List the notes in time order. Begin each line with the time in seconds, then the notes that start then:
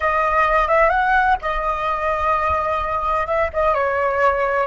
0.00 D#5
0.68 E5
0.89 F#5
1.41 D#5
3.26 E5
3.53 D#5
3.74 C#5